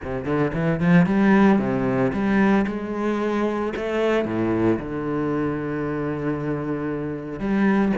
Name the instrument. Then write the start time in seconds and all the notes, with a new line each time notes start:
cello
0.03 C3
0.25 D3
0.53 E3
0.79 F3
1.06 G3
1.58 C3
2.12 G3
2.66 G#3
3.76 A3
4.25 A2
4.79 D3
7.39 G3